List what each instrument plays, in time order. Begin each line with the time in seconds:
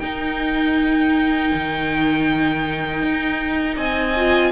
0.00 viola D#4, cello D#4, violin A#4 G5
1.55 cello D#3
3.03 cello D#4
3.76 cello C4, violin D#5 G#5
4.17 viola F4